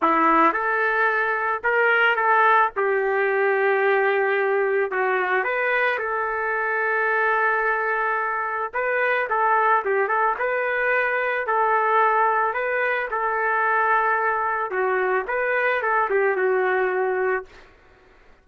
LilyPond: \new Staff \with { instrumentName = "trumpet" } { \time 4/4 \tempo 4 = 110 e'4 a'2 ais'4 | a'4 g'2.~ | g'4 fis'4 b'4 a'4~ | a'1 |
b'4 a'4 g'8 a'8 b'4~ | b'4 a'2 b'4 | a'2. fis'4 | b'4 a'8 g'8 fis'2 | }